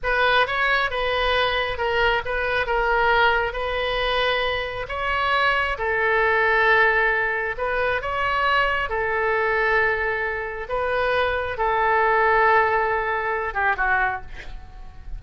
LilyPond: \new Staff \with { instrumentName = "oboe" } { \time 4/4 \tempo 4 = 135 b'4 cis''4 b'2 | ais'4 b'4 ais'2 | b'2. cis''4~ | cis''4 a'2.~ |
a'4 b'4 cis''2 | a'1 | b'2 a'2~ | a'2~ a'8 g'8 fis'4 | }